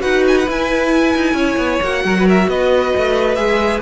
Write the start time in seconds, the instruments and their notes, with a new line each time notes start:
0.00 cello D#4, viola F#4, violin B4 F#5
0.28 violin G#5
0.38 violin F#5
0.48 cello E4, viola E4, violin G#5
1.16 cello D#4
1.34 cello C#4, violin C#5
1.58 cello B3
1.82 cello A#3, viola F#4, violin F#5
2.05 cello F#3, violin A#4
2.20 violin B4
2.26 violin A#4 E5
2.48 cello B3, violin B4 D#5
2.97 cello A3
3.35 cello G#3, viola G#4, violin E5